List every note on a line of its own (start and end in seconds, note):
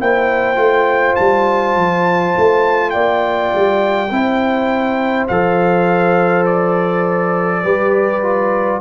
0.00 0.56 A#3
0.00 0.55 E4
0.00 2.93 C5
0.00 1.16 G5
0.55 1.15 A3
0.55 4.08 F4
1.16 1.76 G3
1.16 2.90 A5
1.76 2.35 F3
2.37 2.94 A3
2.90 3.53 A#3
2.90 4.11 D5
2.90 5.26 G5
3.55 4.11 G3
4.11 5.28 C4
4.11 5.30 E4
4.11 7.63 C5
5.28 7.64 F3
5.28 7.64 A4
5.28 6.46 F5
6.46 8.81 D5
7.63 8.81 G3
7.63 8.23 G4
7.63 8.81 B4
8.23 8.81 F4